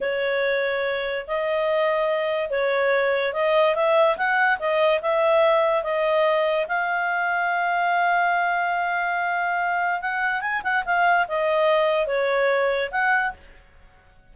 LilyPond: \new Staff \with { instrumentName = "clarinet" } { \time 4/4 \tempo 4 = 144 cis''2. dis''4~ | dis''2 cis''2 | dis''4 e''4 fis''4 dis''4 | e''2 dis''2 |
f''1~ | f''1 | fis''4 gis''8 fis''8 f''4 dis''4~ | dis''4 cis''2 fis''4 | }